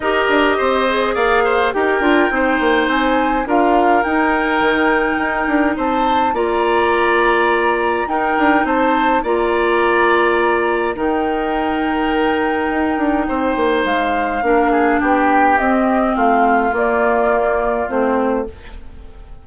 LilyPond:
<<
  \new Staff \with { instrumentName = "flute" } { \time 4/4 \tempo 4 = 104 dis''2 f''4 g''4~ | g''4 gis''4 f''4 g''4~ | g''2 a''4 ais''4~ | ais''2 g''4 a''4 |
ais''2. g''4~ | g''1 | f''2 g''4 dis''4 | f''4 d''2 c''4 | }
  \new Staff \with { instrumentName = "oboe" } { \time 4/4 ais'4 c''4 d''8 c''8 ais'4 | c''2 ais'2~ | ais'2 c''4 d''4~ | d''2 ais'4 c''4 |
d''2. ais'4~ | ais'2. c''4~ | c''4 ais'8 gis'8 g'2 | f'1 | }
  \new Staff \with { instrumentName = "clarinet" } { \time 4/4 g'4. gis'4. g'8 f'8 | dis'2 f'4 dis'4~ | dis'2. f'4~ | f'2 dis'2 |
f'2. dis'4~ | dis'1~ | dis'4 d'2 c'4~ | c'4 ais2 c'4 | }
  \new Staff \with { instrumentName = "bassoon" } { \time 4/4 dis'8 d'8 c'4 ais4 dis'8 d'8 | c'8 ais8 c'4 d'4 dis'4 | dis4 dis'8 d'8 c'4 ais4~ | ais2 dis'8 d'8 c'4 |
ais2. dis4~ | dis2 dis'8 d'8 c'8 ais8 | gis4 ais4 b4 c'4 | a4 ais2 a4 | }
>>